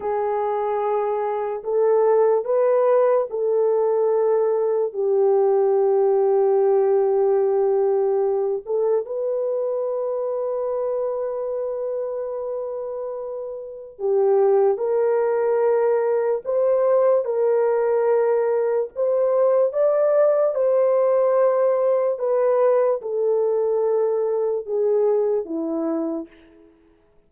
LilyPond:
\new Staff \with { instrumentName = "horn" } { \time 4/4 \tempo 4 = 73 gis'2 a'4 b'4 | a'2 g'2~ | g'2~ g'8 a'8 b'4~ | b'1~ |
b'4 g'4 ais'2 | c''4 ais'2 c''4 | d''4 c''2 b'4 | a'2 gis'4 e'4 | }